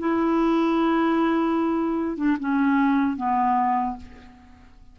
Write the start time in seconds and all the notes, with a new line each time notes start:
0.00 E4
2.17 D4
2.40 C#4
3.17 B3